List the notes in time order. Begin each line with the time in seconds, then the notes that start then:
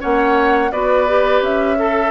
0.00 A#3 C#4 C#5 F#5
0.72 B3 F#4 B4 D5
1.08 G4
1.42 C#4 E5
1.78 A4